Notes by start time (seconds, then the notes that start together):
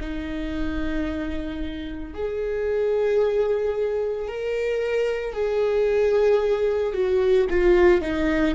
0.00 D#4
2.14 G#4
4.28 A#4
5.32 G#4
6.93 F#4
7.50 F4
8.01 D#4